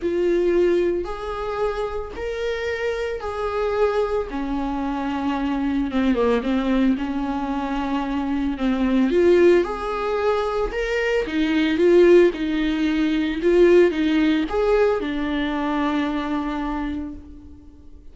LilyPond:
\new Staff \with { instrumentName = "viola" } { \time 4/4 \tempo 4 = 112 f'2 gis'2 | ais'2 gis'2 | cis'2. c'8 ais8 | c'4 cis'2. |
c'4 f'4 gis'2 | ais'4 dis'4 f'4 dis'4~ | dis'4 f'4 dis'4 gis'4 | d'1 | }